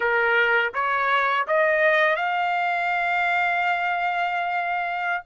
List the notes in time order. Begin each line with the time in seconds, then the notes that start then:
0.00 A#4
0.74 C#5
1.47 D#5
2.16 F5